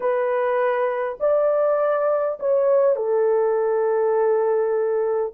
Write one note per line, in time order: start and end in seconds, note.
0.00 1.17 B4
1.20 2.38 D5
2.39 2.95 C#5
2.95 5.33 A4